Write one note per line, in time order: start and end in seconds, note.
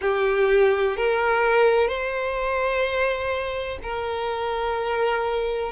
0.01 0.96 G4
0.97 1.87 A#4
1.87 3.78 C5
3.82 5.71 A#4